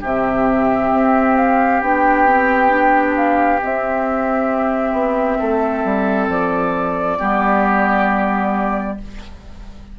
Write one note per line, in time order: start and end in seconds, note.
0.00 0.91 C3
0.00 1.83 C4
0.00 5.37 G4
0.00 1.36 E5
0.92 1.81 C4
1.36 1.80 F5
1.80 3.60 B3
1.80 2.27 D4
1.80 3.15 G5
2.27 2.69 C4
2.69 3.58 D4
3.16 3.61 F5
3.61 7.19 C4
3.61 4.92 C4
3.61 6.29 E5
4.92 5.37 B3
5.39 5.84 A3
5.39 7.18 A4
5.84 6.28 G3
6.28 7.17 F3
6.28 8.97 D5
7.18 8.99 G3
7.18 8.98 B3
7.18 8.97 G4